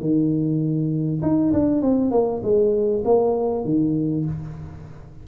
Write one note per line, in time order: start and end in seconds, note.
0.00 1.21 D#3
1.22 1.52 D#4
1.53 1.82 D4
1.82 2.11 C4
2.11 2.41 A#3
2.43 3.04 G#3
3.04 3.64 A#3
3.64 4.25 D#3